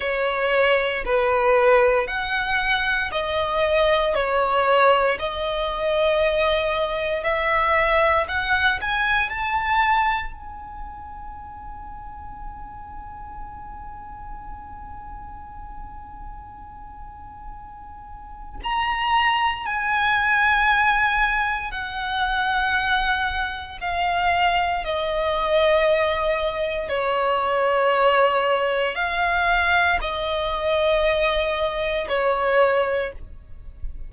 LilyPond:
\new Staff \with { instrumentName = "violin" } { \time 4/4 \tempo 4 = 58 cis''4 b'4 fis''4 dis''4 | cis''4 dis''2 e''4 | fis''8 gis''8 a''4 gis''2~ | gis''1~ |
gis''2 ais''4 gis''4~ | gis''4 fis''2 f''4 | dis''2 cis''2 | f''4 dis''2 cis''4 | }